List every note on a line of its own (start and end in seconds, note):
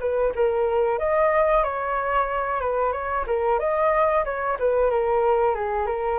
0.00 0.33 B4
0.36 0.99 A#4
0.99 1.64 D#5
1.64 2.61 C#5
2.61 2.93 B4
2.93 3.25 C#5
3.27 3.59 A#4
3.59 4.25 D#5
4.25 4.58 C#5
4.59 4.91 B4
4.91 5.55 A#4
5.55 5.87 G#4
5.87 6.19 A#4